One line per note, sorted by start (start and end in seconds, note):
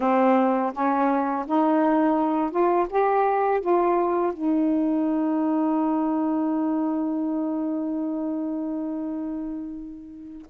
0.00 0.72 C4
0.73 1.45 C#4
1.46 2.50 D#4
2.50 2.87 F4
2.89 3.60 G4
3.60 4.32 F4
4.32 10.47 D#4